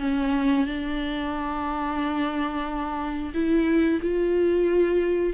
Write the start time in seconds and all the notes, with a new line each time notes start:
0.00 C#4
0.66 D4
3.34 E4
4.02 F4